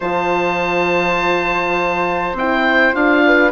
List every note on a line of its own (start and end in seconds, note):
0.00 2.33 F3
0.00 2.36 F4
0.00 3.23 C5
0.00 2.36 A5
2.33 2.92 C4
2.33 2.93 E4
2.33 2.95 G5
2.93 3.51 D4
2.93 3.51 F4
2.93 3.51 F5
3.25 3.51 B4